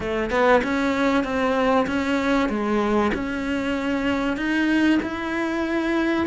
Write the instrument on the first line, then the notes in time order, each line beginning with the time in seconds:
cello
0.00 A3
0.30 B3
0.63 C#4
1.24 C4
1.87 C#4
2.49 G#3
3.14 C#4
4.36 D#4
5.02 E4